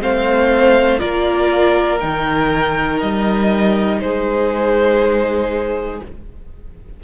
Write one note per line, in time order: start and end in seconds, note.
0.00 1.02 A3
0.00 0.99 C4
0.00 1.00 C5
0.00 0.99 F5
0.99 2.03 A#3
0.99 1.99 F4
0.99 4.00 A#4
0.99 1.99 D5
2.00 3.02 D#3
2.00 6.01 D#4
2.00 3.00 G5
3.01 4.01 G3
3.01 4.00 D#5
4.00 6.01 G#3
4.00 6.04 G#4
4.00 6.00 C5